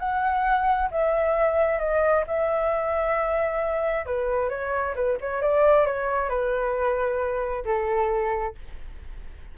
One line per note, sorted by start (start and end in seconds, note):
0.00 0.90 F#5
0.91 1.79 E5
1.79 2.24 D#5
2.27 4.06 E5
4.06 4.50 B4
4.50 4.95 C#5
4.96 5.18 B4
5.21 5.42 C#5
5.42 5.87 D5
5.87 6.29 C#5
6.29 7.65 B4
7.65 8.55 A4